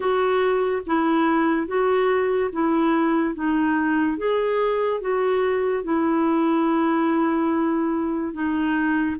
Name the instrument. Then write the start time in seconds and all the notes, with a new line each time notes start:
clarinet
0.00 F#4
0.86 E4
1.67 F#4
2.52 E4
3.34 D#4
4.17 G#4
5.00 F#4
5.83 E4
8.33 D#4